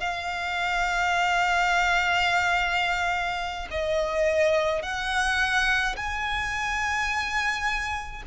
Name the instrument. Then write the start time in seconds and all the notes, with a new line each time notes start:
violin
0.00 F5
3.71 D#5
4.83 F#5
5.97 G#5